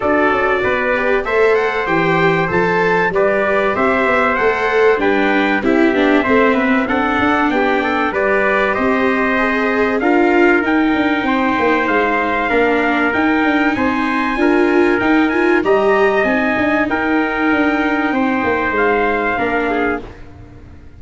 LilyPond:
<<
  \new Staff \with { instrumentName = "trumpet" } { \time 4/4 \tempo 4 = 96 d''2 e''8 fis''8 g''4 | a''4 d''4 e''4 fis''4 | g''4 e''2 fis''4 | g''4 d''4 dis''2 |
f''4 g''2 f''4~ | f''4 g''4 gis''2 | g''8 gis''8 ais''4 gis''4 g''4~ | g''2 f''2 | }
  \new Staff \with { instrumentName = "trumpet" } { \time 4/4 a'4 b'4 c''2~ | c''4 b'4 c''2 | b'4 g'4 c''8 b'8 a'4 | g'8 a'8 b'4 c''2 |
ais'2 c''2 | ais'2 c''4 ais'4~ | ais'4 dis''2 ais'4~ | ais'4 c''2 ais'8 gis'8 | }
  \new Staff \with { instrumentName = "viola" } { \time 4/4 fis'4. g'8 a'4 g'4 | a'4 g'2 a'4 | d'4 e'8 d'8 c'4 d'4~ | d'4 g'2 gis'4 |
f'4 dis'2. | d'4 dis'2 f'4 | dis'8 f'8 g'4 dis'2~ | dis'2. d'4 | }
  \new Staff \with { instrumentName = "tuba" } { \time 4/4 d'8 cis'8 b4 a4 e4 | f4 g4 c'8 b8 a4 | g4 c'8 b8 a8 b8 c'8 d'8 | b4 g4 c'2 |
d'4 dis'8 d'8 c'8 ais8 gis4 | ais4 dis'8 d'8 c'4 d'4 | dis'4 g4 c'8 d'8 dis'4 | d'4 c'8 ais8 gis4 ais4 | }
>>